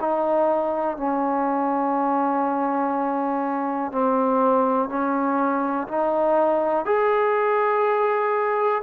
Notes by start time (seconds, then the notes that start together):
0.00 D#4
0.97 C#4
3.92 C4
4.89 C#4
5.88 D#4
6.85 G#4